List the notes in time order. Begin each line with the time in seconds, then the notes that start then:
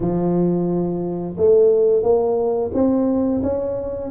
0.00 F3
1.37 A3
2.02 A#3
2.74 C4
3.42 C#4